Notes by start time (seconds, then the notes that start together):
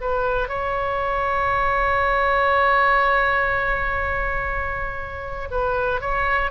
0.00 B4
0.48 C#5
5.50 B4
6.00 C#5